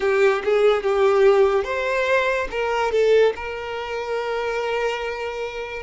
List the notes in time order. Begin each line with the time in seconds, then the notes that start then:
0.00 G4
0.44 G#4
0.82 G4
1.64 C5
2.50 A#4
2.91 A4
3.35 A#4